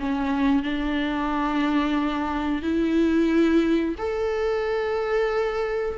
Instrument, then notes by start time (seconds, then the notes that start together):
viola
0.00 C#4
0.63 D4
2.62 E4
3.98 A4